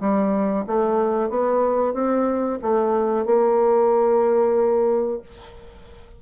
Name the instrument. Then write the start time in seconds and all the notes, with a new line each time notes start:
bassoon
0.00 G3
0.67 A3
1.30 B3
1.94 C4
2.62 A3
3.25 A#3